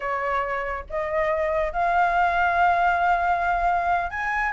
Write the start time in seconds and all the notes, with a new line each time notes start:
0.00 C#5
0.89 D#5
1.72 F5
4.10 G#5